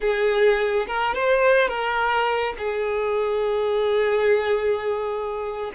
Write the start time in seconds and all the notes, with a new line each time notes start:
0.00 G#4
0.87 A#4
1.14 C5
1.68 A#4
2.57 G#4